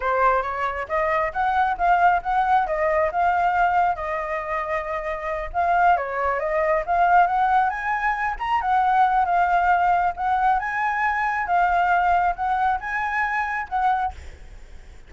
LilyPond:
\new Staff \with { instrumentName = "flute" } { \time 4/4 \tempo 4 = 136 c''4 cis''4 dis''4 fis''4 | f''4 fis''4 dis''4 f''4~ | f''4 dis''2.~ | dis''8 f''4 cis''4 dis''4 f''8~ |
f''8 fis''4 gis''4. ais''8 fis''8~ | fis''4 f''2 fis''4 | gis''2 f''2 | fis''4 gis''2 fis''4 | }